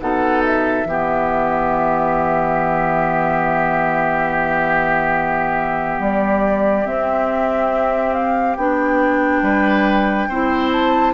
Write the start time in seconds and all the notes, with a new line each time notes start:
0.00 B2 D#4 A4 F#5
0.44 E5
0.85 E3 B3 G4
5.99 G3 D5
6.85 C4 E5
8.13 F5
8.57 B3 D4 G5
9.42 G3 B4
10.29 C4 E4 C5
10.72 A5